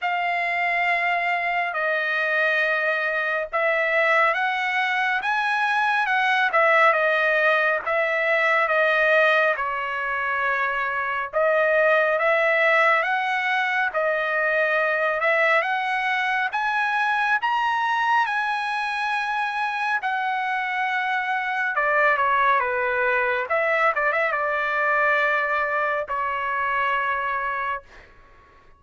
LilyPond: \new Staff \with { instrumentName = "trumpet" } { \time 4/4 \tempo 4 = 69 f''2 dis''2 | e''4 fis''4 gis''4 fis''8 e''8 | dis''4 e''4 dis''4 cis''4~ | cis''4 dis''4 e''4 fis''4 |
dis''4. e''8 fis''4 gis''4 | ais''4 gis''2 fis''4~ | fis''4 d''8 cis''8 b'4 e''8 d''16 e''16 | d''2 cis''2 | }